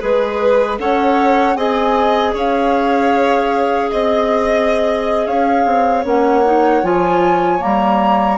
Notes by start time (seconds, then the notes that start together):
0.00 G#3 G#4 B4
0.78 C#4 A4 C#5 F#5
1.56 C4 G#4 D#5 G#5
2.34 C#4 C#5 F5
3.90 C4 D#5
5.26 C#4 C#5 F5
5.65 C4
6.05 A#3 C#4 F#5
6.45 D#4
6.83 F3 F4 G#5
7.59 G3 A#3 A#5